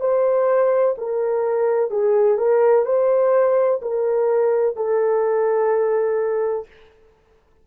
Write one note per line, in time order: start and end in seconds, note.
0.00 0.95 C5
0.97 1.90 A#4
1.90 2.37 G#4
2.37 2.85 A#4
2.85 3.80 C5
3.81 4.76 A#4
4.76 6.67 A4